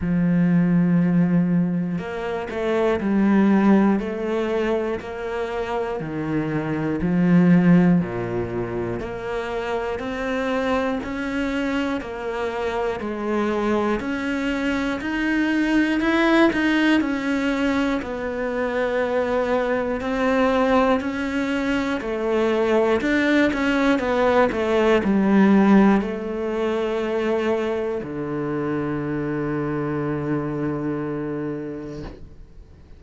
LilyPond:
\new Staff \with { instrumentName = "cello" } { \time 4/4 \tempo 4 = 60 f2 ais8 a8 g4 | a4 ais4 dis4 f4 | ais,4 ais4 c'4 cis'4 | ais4 gis4 cis'4 dis'4 |
e'8 dis'8 cis'4 b2 | c'4 cis'4 a4 d'8 cis'8 | b8 a8 g4 a2 | d1 | }